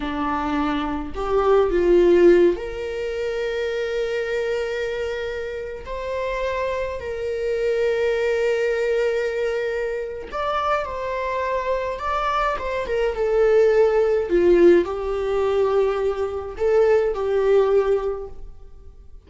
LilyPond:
\new Staff \with { instrumentName = "viola" } { \time 4/4 \tempo 4 = 105 d'2 g'4 f'4~ | f'8 ais'2.~ ais'8~ | ais'2~ ais'16 c''4.~ c''16~ | c''16 ais'2.~ ais'8.~ |
ais'2 d''4 c''4~ | c''4 d''4 c''8 ais'8 a'4~ | a'4 f'4 g'2~ | g'4 a'4 g'2 | }